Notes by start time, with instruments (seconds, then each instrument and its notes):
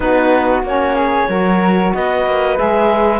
0.00 cello B3, saxophone D#4, flute F#4, clarinet B4
0.63 cello A#3, saxophone C#4, clarinet C#5
0.95 flute G#4
1.28 cello F#3, saxophone F#4, flute A#4
1.94 cello B3, flute B4, clarinet D#5
2.26 cello A#3
2.56 cello G#3, saxophone G#4, clarinet E5